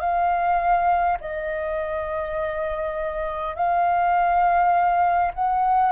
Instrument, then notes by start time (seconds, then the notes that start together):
flute
0.00 F5
1.20 D#5
3.55 F5
5.34 F#5